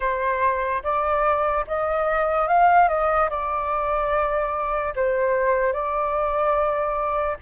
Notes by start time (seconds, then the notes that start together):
0.00 C5
0.83 D5
1.67 D#5
2.47 F5
2.88 D#5
3.29 D5
4.95 C5
5.72 D5